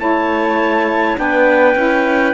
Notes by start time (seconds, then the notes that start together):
0.00 A3 E4 C#5 A5
1.17 B3 D4 B4 G5
1.76 C#4 E4